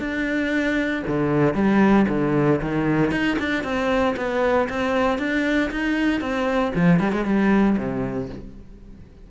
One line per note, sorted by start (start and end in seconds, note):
0.00 1.03 D4
1.07 1.54 D3
1.54 2.06 G3
2.09 2.61 D3
2.62 3.12 D#3
3.12 3.38 D#4
3.39 3.64 D4
3.64 4.15 C4
4.17 4.68 B3
4.69 5.19 C4
5.19 5.71 D4
5.71 6.21 D#4
6.21 6.73 C4
6.75 7.00 F3
7.00 7.12 G3
7.12 7.25 G#3
7.25 7.77 G3
7.78 8.30 C3